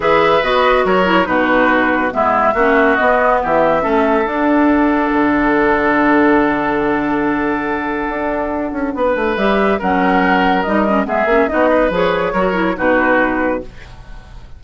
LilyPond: <<
  \new Staff \with { instrumentName = "flute" } { \time 4/4 \tempo 4 = 141 e''4 dis''4 cis''4 b'4~ | b'4 e''2 dis''4 | e''2 fis''2~ | fis''1~ |
fis''1~ | fis''2 e''4 fis''4~ | fis''4 dis''4 e''4 dis''4 | cis''2 b'2 | }
  \new Staff \with { instrumentName = "oboe" } { \time 4/4 b'2 ais'4 fis'4~ | fis'4 e'4 fis'2 | g'4 a'2.~ | a'1~ |
a'1~ | a'4 b'2 ais'4~ | ais'2 gis'4 fis'8 b'8~ | b'4 ais'4 fis'2 | }
  \new Staff \with { instrumentName = "clarinet" } { \time 4/4 gis'4 fis'4. e'8 dis'4~ | dis'4 b4 cis'4 b4~ | b4 cis'4 d'2~ | d'1~ |
d'1~ | d'2 g'4 cis'4~ | cis'4 dis'8 cis'8 b8 cis'8 dis'4 | gis'4 fis'8 e'8 dis'2 | }
  \new Staff \with { instrumentName = "bassoon" } { \time 4/4 e4 b4 fis4 b,4~ | b,4 gis4 ais4 b4 | e4 a4 d'2 | d1~ |
d2. d'4~ | d'8 cis'8 b8 a8 g4 fis4~ | fis4 g4 gis8 ais8 b4 | f4 fis4 b,2 | }
>>